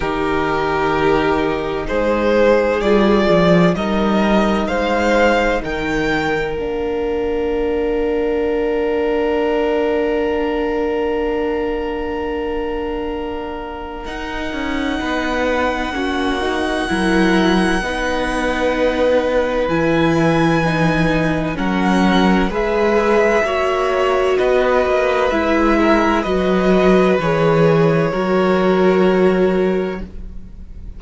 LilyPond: <<
  \new Staff \with { instrumentName = "violin" } { \time 4/4 \tempo 4 = 64 ais'2 c''4 d''4 | dis''4 f''4 g''4 f''4~ | f''1~ | f''2. fis''4~ |
fis''1~ | fis''4 gis''2 fis''4 | e''2 dis''4 e''4 | dis''4 cis''2. | }
  \new Staff \with { instrumentName = "violin" } { \time 4/4 g'2 gis'2 | ais'4 c''4 ais'2~ | ais'1~ | ais'1 |
b'4 fis'4 ais'4 b'4~ | b'2. ais'4 | b'4 cis''4 b'4. ais'8 | b'2 ais'2 | }
  \new Staff \with { instrumentName = "viola" } { \time 4/4 dis'2. f'4 | dis'2. d'4~ | d'1~ | d'2. dis'4~ |
dis'4 cis'8 dis'8 e'4 dis'4~ | dis'4 e'4 dis'4 cis'4 | gis'4 fis'2 e'4 | fis'4 gis'4 fis'2 | }
  \new Staff \with { instrumentName = "cello" } { \time 4/4 dis2 gis4 g8 f8 | g4 gis4 dis4 ais4~ | ais1~ | ais2. dis'8 cis'8 |
b4 ais4 fis4 b4~ | b4 e2 fis4 | gis4 ais4 b8 ais8 gis4 | fis4 e4 fis2 | }
>>